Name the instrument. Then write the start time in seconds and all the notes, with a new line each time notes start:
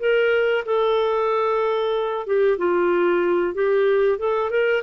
clarinet
0.00 A#4
0.66 A4
2.27 G4
2.58 F4
3.55 G4
4.19 A4
4.51 A#4